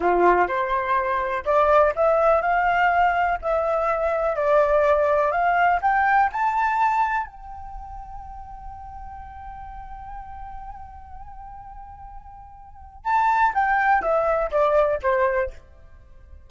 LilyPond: \new Staff \with { instrumentName = "flute" } { \time 4/4 \tempo 4 = 124 f'4 c''2 d''4 | e''4 f''2 e''4~ | e''4 d''2 f''4 | g''4 a''2 g''4~ |
g''1~ | g''1~ | g''2. a''4 | g''4 e''4 d''4 c''4 | }